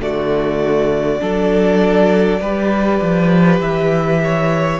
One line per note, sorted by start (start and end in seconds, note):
0.00 1.20 D3
0.00 1.20 A3
0.00 1.22 F#4
0.00 3.60 D5
1.20 2.41 F#3
1.20 2.40 D4
1.20 2.41 A4
2.41 3.00 G3
2.41 4.80 G4
2.41 4.21 B4
3.02 3.60 F3
3.60 4.80 E3
3.60 4.80 E5
4.24 4.80 C#5